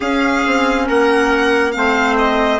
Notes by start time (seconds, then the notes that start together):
0.00 C#4 G#4 F5
0.46 C4
0.86 A#3 A#4 F#5
1.71 A3 C4 F5
1.77 C5
2.18 D#5